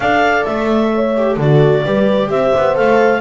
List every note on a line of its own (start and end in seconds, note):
0.00 0.44 D4
0.00 1.16 A4
0.00 0.93 D5
0.00 0.44 F5
0.44 1.37 A3
0.44 1.36 E5
0.94 1.35 C#5
1.16 1.39 G4
1.35 1.83 D3
1.35 1.81 A4
1.35 2.30 D5
1.41 1.84 F#4
1.84 2.29 G3
1.84 2.74 G4
1.84 2.28 B4
2.28 2.52 C4
2.28 3.20 C5
2.28 2.75 E5
2.56 2.78 B3
2.74 3.21 A3
2.74 3.21 A4
2.74 3.21 F5